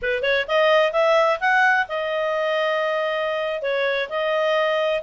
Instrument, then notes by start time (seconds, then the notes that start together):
clarinet
0.02 B4
0.22 C#5
0.47 D#5
0.92 E5
1.40 F#5
1.88 D#5
3.62 C#5
4.09 D#5